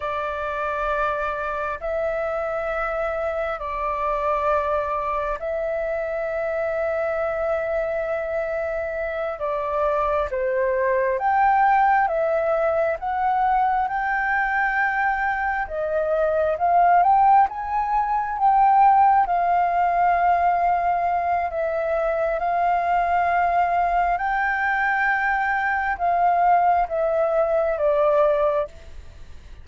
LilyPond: \new Staff \with { instrumentName = "flute" } { \time 4/4 \tempo 4 = 67 d''2 e''2 | d''2 e''2~ | e''2~ e''8 d''4 c''8~ | c''8 g''4 e''4 fis''4 g''8~ |
g''4. dis''4 f''8 g''8 gis''8~ | gis''8 g''4 f''2~ f''8 | e''4 f''2 g''4~ | g''4 f''4 e''4 d''4 | }